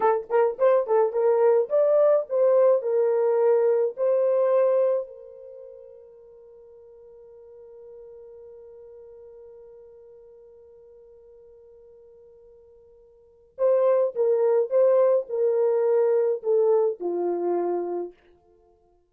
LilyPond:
\new Staff \with { instrumentName = "horn" } { \time 4/4 \tempo 4 = 106 a'8 ais'8 c''8 a'8 ais'4 d''4 | c''4 ais'2 c''4~ | c''4 ais'2.~ | ais'1~ |
ais'1~ | ais'1 | c''4 ais'4 c''4 ais'4~ | ais'4 a'4 f'2 | }